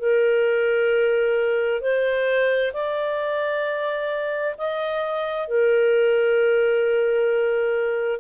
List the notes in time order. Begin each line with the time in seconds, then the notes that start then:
0.00 A#4
1.81 C5
2.74 D5
4.58 D#5
5.48 A#4